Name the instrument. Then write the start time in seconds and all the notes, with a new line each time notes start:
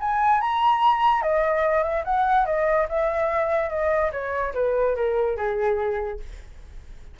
flute
0.00 G#5
0.41 A#5
1.22 D#5
1.83 E5
2.04 F#5
2.46 D#5
2.89 E5
3.70 D#5
4.12 C#5
4.54 B4
4.96 A#4
5.37 G#4